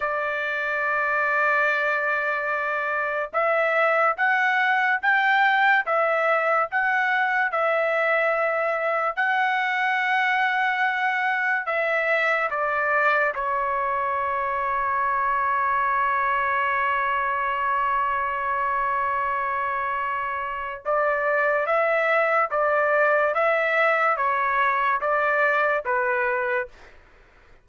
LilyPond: \new Staff \with { instrumentName = "trumpet" } { \time 4/4 \tempo 4 = 72 d''1 | e''4 fis''4 g''4 e''4 | fis''4 e''2 fis''4~ | fis''2 e''4 d''4 |
cis''1~ | cis''1~ | cis''4 d''4 e''4 d''4 | e''4 cis''4 d''4 b'4 | }